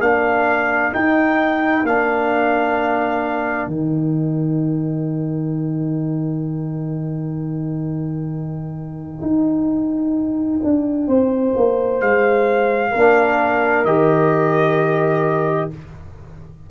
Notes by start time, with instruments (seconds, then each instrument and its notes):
0.00 tuba A#3, trombone D4, horn A#4, trumpet F5
0.92 trombone D#4, tuba D#4, trumpet G5
1.84 tuba A#3, trombone D4, trumpet F5
3.67 tuba D#3, trombone D#4, trumpet G5
9.22 tuba D#4
10.64 tuba D4
11.07 tuba C4, horn C5
11.56 tuba A#3
12.01 tuba G#3, trumpet F5
12.91 tuba A#3, trombone D4, horn A#4
13.85 tuba D#3, trombone G4, trumpet D#5